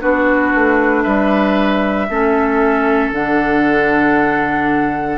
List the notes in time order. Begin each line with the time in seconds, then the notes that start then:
0.00 B3 D4 F#4 B4
0.55 A3
1.03 G3 B4 E5
2.09 A3 C#4 A4
3.11 D3 D4 F#5